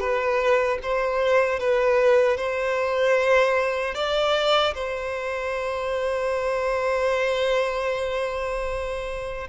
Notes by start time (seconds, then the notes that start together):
0.00 B4
0.83 C5
1.60 B4
2.38 C5
3.95 D5
4.74 C5